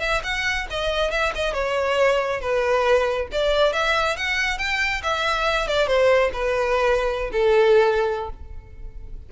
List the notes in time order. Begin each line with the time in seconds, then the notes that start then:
0.00 E5
0.24 F#5
0.70 D#5
1.11 E5
1.35 D#5
1.54 C#5
2.41 B4
3.32 D5
3.73 E5
4.17 F#5
4.58 G5
5.03 E5
5.68 D5
5.87 C5
6.33 B4
7.32 A4